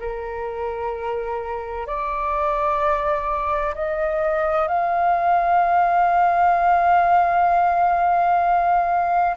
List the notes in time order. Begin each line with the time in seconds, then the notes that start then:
0.00 A#4
1.87 D5
3.75 D#5
4.68 F5